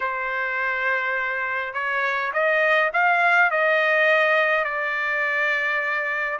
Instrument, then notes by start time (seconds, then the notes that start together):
trumpet
0.00 C5
1.73 C#5
2.33 D#5
2.93 F5
3.50 D#5
4.64 D5